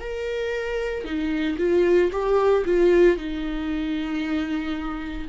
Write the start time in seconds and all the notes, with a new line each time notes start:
0.00 A#4
1.04 D#4
1.58 F4
2.11 G4
2.65 F4
3.17 D#4